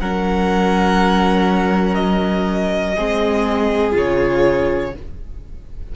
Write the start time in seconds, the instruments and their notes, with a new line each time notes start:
0.00 cello F#3, viola C#4, violin A#4 F#5
1.95 violin D#5
2.95 cello G#3, viola C4, violin G#4
3.92 cello C#3, viola F4, violin C#5